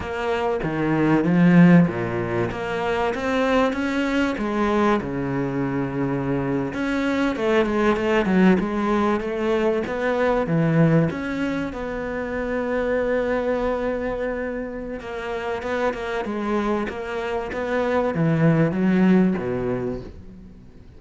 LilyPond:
\new Staff \with { instrumentName = "cello" } { \time 4/4 \tempo 4 = 96 ais4 dis4 f4 ais,4 | ais4 c'4 cis'4 gis4 | cis2~ cis8. cis'4 a16~ | a16 gis8 a8 fis8 gis4 a4 b16~ |
b8. e4 cis'4 b4~ b16~ | b1 | ais4 b8 ais8 gis4 ais4 | b4 e4 fis4 b,4 | }